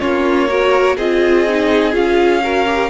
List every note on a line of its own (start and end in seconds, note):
0.00 0.98 A#3
0.00 0.48 C#4
0.00 0.49 F4
0.00 0.97 C#5
0.49 0.98 F#4
0.49 0.96 A#4
0.96 1.94 C4
0.96 1.48 F4
0.96 2.41 G#4
0.96 1.95 D#5
1.48 1.92 D#4
1.92 2.90 C#4
1.92 2.41 F4
1.92 2.90 F5
2.43 2.66 F#4
2.43 2.90 A#4
2.66 2.90 G4